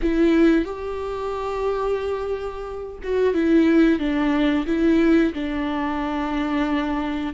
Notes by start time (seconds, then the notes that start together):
0.02 E4
0.65 G4
3.03 F#4
3.34 E4
3.99 D4
4.66 E4
5.33 D4